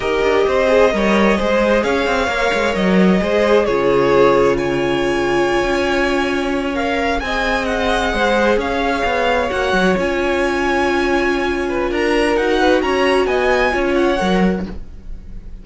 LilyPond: <<
  \new Staff \with { instrumentName = "violin" } { \time 4/4 \tempo 4 = 131 dis''1 | f''2 dis''2 | cis''2 gis''2~ | gis''2~ gis''8. f''4 gis''16~ |
gis''8. fis''2 f''4~ f''16~ | f''8. fis''4 gis''2~ gis''16~ | gis''2 ais''4 fis''4 | ais''4 gis''4. fis''4. | }
  \new Staff \with { instrumentName = "violin" } { \time 4/4 ais'4 c''4 cis''4 c''4 | cis''2. c''4 | gis'2 cis''2~ | cis''2.~ cis''8. dis''16~ |
dis''4.~ dis''16 c''4 cis''4~ cis''16~ | cis''1~ | cis''4. b'8 ais'4. b'8 | cis''4 dis''4 cis''2 | }
  \new Staff \with { instrumentName = "viola" } { \time 4/4 g'4. gis'8 ais'4 gis'4~ | gis'4 ais'2 gis'4 | f'1~ | f'2~ f'8. ais'4 gis'16~ |
gis'1~ | gis'8. fis'4 f'2~ f'16~ | f'2. fis'4~ | fis'2 f'4 ais'4 | }
  \new Staff \with { instrumentName = "cello" } { \time 4/4 dis'8 d'8 c'4 g4 gis4 | cis'8 c'8 ais8 gis8 fis4 gis4 | cis1~ | cis16 cis'2.~ cis'8 c'16~ |
c'4.~ c'16 gis4 cis'4 b16~ | b8. ais8 fis8 cis'2~ cis'16~ | cis'2 d'4 dis'4 | cis'4 b4 cis'4 fis4 | }
>>